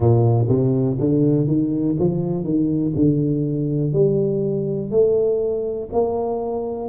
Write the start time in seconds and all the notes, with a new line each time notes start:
0.00 A#2
0.48 C3
0.99 D3
1.47 D#3
1.99 F3
2.44 D#3
2.95 D3
3.93 G3
4.90 A3
5.92 A#3